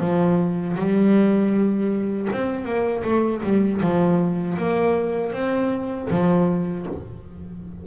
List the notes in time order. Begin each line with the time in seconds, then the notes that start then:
0.00 F3
0.76 G3
2.32 C4
2.65 A#3
3.03 A3
3.43 G3
3.81 F3
4.57 A#3
5.32 C4
6.10 F3